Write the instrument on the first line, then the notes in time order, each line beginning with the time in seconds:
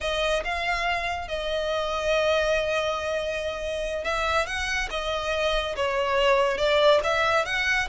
violin
0.00 D#5
0.44 F5
1.28 D#5
4.03 E5
4.46 F#5
4.90 D#5
5.75 C#5
6.57 D5
7.03 E5
7.45 F#5